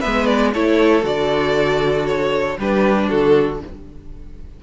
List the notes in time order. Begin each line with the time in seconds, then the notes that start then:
0.00 B3 B4 E5
0.06 G#3
0.26 D5
0.54 A3 E4 A4 C#5
1.02 D3 F#4 D5
2.07 C#5
2.58 G3 D4 G4 B4
3.09 D3 F#4 A4